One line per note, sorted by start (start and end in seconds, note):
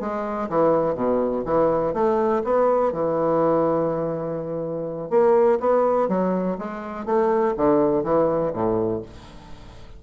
0.00 0.49 G#3
0.49 0.95 E3
0.95 1.43 B2
1.45 1.94 E3
1.94 2.42 A3
2.44 2.92 B3
2.92 5.10 E3
5.10 5.59 A#3
5.60 6.08 B3
6.08 6.57 F#3
6.58 7.06 G#3
7.06 7.54 A3
7.57 8.04 D3
8.04 8.52 E3
8.53 9.02 A2